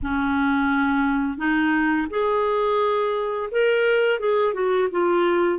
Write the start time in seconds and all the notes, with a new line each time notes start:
0.02 C#4
1.37 D#4
2.10 G#4
3.51 A#4
4.19 G#4
4.53 F#4
4.91 F4